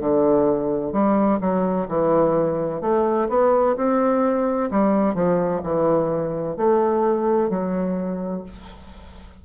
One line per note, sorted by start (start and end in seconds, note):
0.00 0.92 D3
0.92 1.39 G3
1.40 1.87 F#3
1.88 2.81 E3
2.81 3.28 A3
3.29 3.75 B3
3.76 4.70 C4
4.71 5.14 G3
5.14 5.61 F3
5.63 6.57 E3
6.57 7.49 A3
7.49 8.43 F#3